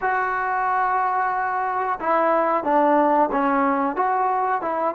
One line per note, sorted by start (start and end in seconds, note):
0.01 1.99 F#4
1.99 2.63 E4
2.63 3.29 D4
3.31 3.96 C#4
3.96 4.61 F#4
4.61 4.94 E4